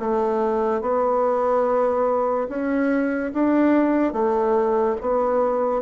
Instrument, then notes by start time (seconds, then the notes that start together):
bassoon
0.00 A3
0.82 B3
2.49 C#4
3.34 D4
4.13 A3
5.01 B3